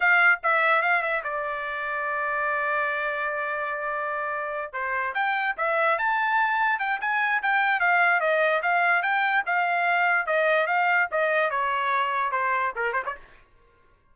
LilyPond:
\new Staff \with { instrumentName = "trumpet" } { \time 4/4 \tempo 4 = 146 f''4 e''4 f''8 e''8 d''4~ | d''1~ | d''2.~ d''8 c''8~ | c''8 g''4 e''4 a''4.~ |
a''8 g''8 gis''4 g''4 f''4 | dis''4 f''4 g''4 f''4~ | f''4 dis''4 f''4 dis''4 | cis''2 c''4 ais'8 c''16 cis''16 | }